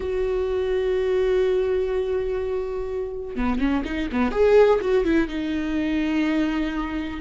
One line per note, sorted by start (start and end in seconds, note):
0.00 3.35 F#4
3.35 3.58 B3
3.58 3.82 C#4
3.84 4.08 D#4
4.11 4.31 B3
4.31 4.79 G#4
4.80 5.04 F#4
5.04 5.28 E4
5.28 7.20 D#4